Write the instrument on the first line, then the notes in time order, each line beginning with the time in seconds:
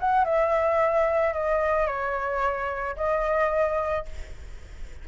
flute
0.00 F#5
0.25 E5
1.34 D#5
1.87 C#5
2.97 D#5